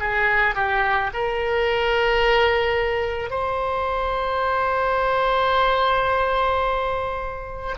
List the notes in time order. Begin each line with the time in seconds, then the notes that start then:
0.00 G#4
0.56 G4
1.14 A#4
3.31 C5